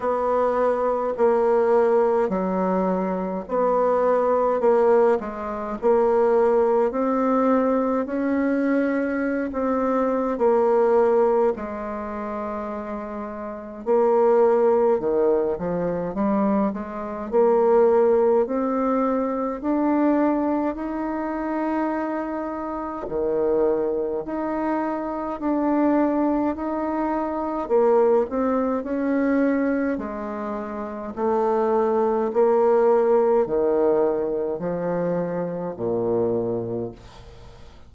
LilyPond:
\new Staff \with { instrumentName = "bassoon" } { \time 4/4 \tempo 4 = 52 b4 ais4 fis4 b4 | ais8 gis8 ais4 c'4 cis'4~ | cis'16 c'8. ais4 gis2 | ais4 dis8 f8 g8 gis8 ais4 |
c'4 d'4 dis'2 | dis4 dis'4 d'4 dis'4 | ais8 c'8 cis'4 gis4 a4 | ais4 dis4 f4 ais,4 | }